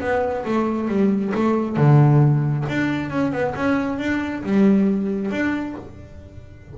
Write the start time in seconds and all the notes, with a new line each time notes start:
0.00 B3
0.45 A3
0.88 G3
1.35 A3
1.76 D3
2.68 D4
3.10 C#4
3.32 B3
3.55 C#4
3.99 D4
4.43 G3
5.31 D4